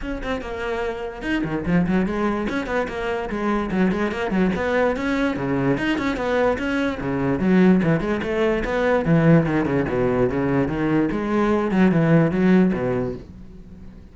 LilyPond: \new Staff \with { instrumentName = "cello" } { \time 4/4 \tempo 4 = 146 cis'8 c'8 ais2 dis'8 dis8 | f8 fis8 gis4 cis'8 b8 ais4 | gis4 fis8 gis8 ais8 fis8 b4 | cis'4 cis4 dis'8 cis'8 b4 |
cis'4 cis4 fis4 e8 gis8 | a4 b4 e4 dis8 cis8 | b,4 cis4 dis4 gis4~ | gis8 fis8 e4 fis4 b,4 | }